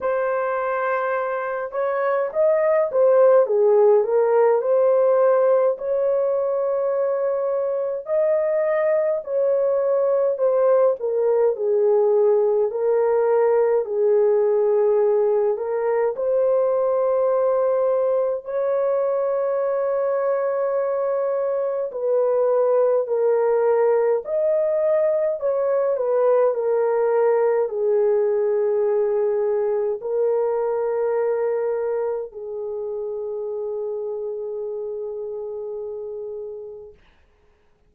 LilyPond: \new Staff \with { instrumentName = "horn" } { \time 4/4 \tempo 4 = 52 c''4. cis''8 dis''8 c''8 gis'8 ais'8 | c''4 cis''2 dis''4 | cis''4 c''8 ais'8 gis'4 ais'4 | gis'4. ais'8 c''2 |
cis''2. b'4 | ais'4 dis''4 cis''8 b'8 ais'4 | gis'2 ais'2 | gis'1 | }